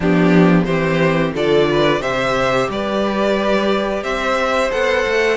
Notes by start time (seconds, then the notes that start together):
0.00 F3 B3 D4 G4
0.64 E3 C4 G4 C5
1.34 D3 F4 A4 D5
1.71 B4
2.00 C3 G4 C5 E5
2.69 G3 B4 D5
4.03 C4 C5 E5
4.70 B3 A4 F#5
5.06 A3